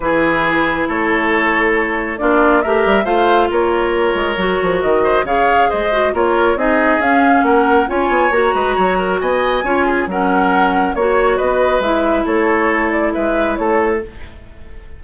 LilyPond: <<
  \new Staff \with { instrumentName = "flute" } { \time 4/4 \tempo 4 = 137 b'2 cis''2~ | cis''4 d''4 e''4 f''4 | cis''2. dis''4 | f''4 dis''4 cis''4 dis''4 |
f''4 fis''4 gis''4 ais''4~ | ais''4 gis''2 fis''4~ | fis''4 cis''4 dis''4 e''4 | cis''4. d''8 e''4 cis''4 | }
  \new Staff \with { instrumentName = "oboe" } { \time 4/4 gis'2 a'2~ | a'4 f'4 ais'4 c''4 | ais'2.~ ais'8 c''8 | cis''4 c''4 ais'4 gis'4~ |
gis'4 ais'4 cis''4. b'8 | cis''8 ais'8 dis''4 cis''8 gis'8 ais'4~ | ais'4 cis''4 b'2 | a'2 b'4 a'4 | }
  \new Staff \with { instrumentName = "clarinet" } { \time 4/4 e'1~ | e'4 d'4 g'4 f'4~ | f'2 fis'2 | gis'4. fis'8 f'4 dis'4 |
cis'2 f'4 fis'4~ | fis'2 f'4 cis'4~ | cis'4 fis'2 e'4~ | e'1 | }
  \new Staff \with { instrumentName = "bassoon" } { \time 4/4 e2 a2~ | a4 ais4 a8 g8 a4 | ais4. gis8 fis8 f8 dis4 | cis4 gis4 ais4 c'4 |
cis'4 ais4 cis'8 b8 ais8 gis8 | fis4 b4 cis'4 fis4~ | fis4 ais4 b4 gis4 | a2 gis4 a4 | }
>>